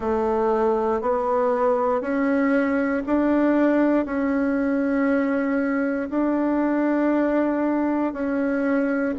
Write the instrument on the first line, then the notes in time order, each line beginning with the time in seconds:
bassoon
0.00 A3
1.01 B3
2.01 C#4
3.06 D4
4.05 C#4
6.10 D4
8.13 C#4